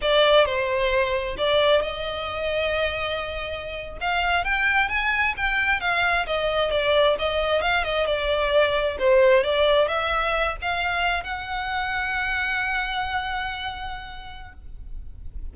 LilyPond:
\new Staff \with { instrumentName = "violin" } { \time 4/4 \tempo 4 = 132 d''4 c''2 d''4 | dis''1~ | dis''8. f''4 g''4 gis''4 g''16~ | g''8. f''4 dis''4 d''4 dis''16~ |
dis''8. f''8 dis''8 d''2 c''16~ | c''8. d''4 e''4. f''8.~ | f''8. fis''2.~ fis''16~ | fis''1 | }